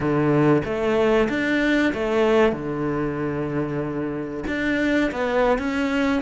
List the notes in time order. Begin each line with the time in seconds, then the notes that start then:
0.00 D3
0.64 A3
1.29 D4
1.93 A3
2.52 D3
4.47 D4
5.11 B3
5.58 C#4